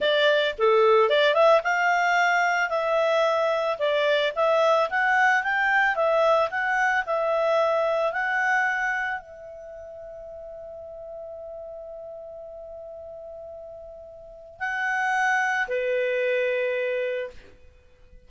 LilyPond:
\new Staff \with { instrumentName = "clarinet" } { \time 4/4 \tempo 4 = 111 d''4 a'4 d''8 e''8 f''4~ | f''4 e''2 d''4 | e''4 fis''4 g''4 e''4 | fis''4 e''2 fis''4~ |
fis''4 e''2.~ | e''1~ | e''2. fis''4~ | fis''4 b'2. | }